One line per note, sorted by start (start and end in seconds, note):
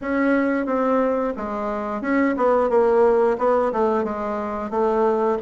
0.01 0.66 C#4
0.66 1.33 C4
1.37 2.01 G#3
2.01 2.35 C#4
2.37 2.69 B3
2.69 3.37 A#3
3.38 3.71 B3
3.72 4.04 A3
4.04 4.70 G#3
4.70 5.37 A3